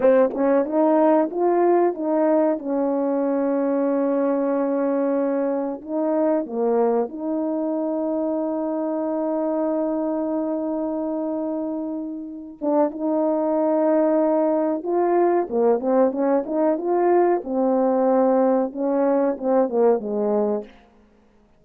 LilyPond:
\new Staff \with { instrumentName = "horn" } { \time 4/4 \tempo 4 = 93 c'8 cis'8 dis'4 f'4 dis'4 | cis'1~ | cis'4 dis'4 ais4 dis'4~ | dis'1~ |
dis'2.~ dis'8 d'8 | dis'2. f'4 | ais8 c'8 cis'8 dis'8 f'4 c'4~ | c'4 cis'4 c'8 ais8 gis4 | }